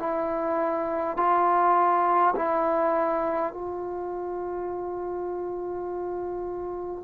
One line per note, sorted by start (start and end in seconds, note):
0.00 1.17 E4
1.17 2.35 F4
2.36 3.53 E4
3.53 7.04 F4